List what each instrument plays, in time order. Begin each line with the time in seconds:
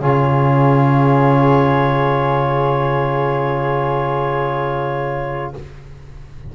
0.00 double bass C#3, trombone F4, flute G#4, clarinet C#5